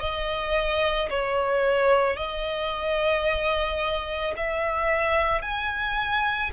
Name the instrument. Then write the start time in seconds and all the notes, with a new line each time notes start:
violin
0.00 D#5
1.10 C#5
2.16 D#5
4.37 E5
5.41 G#5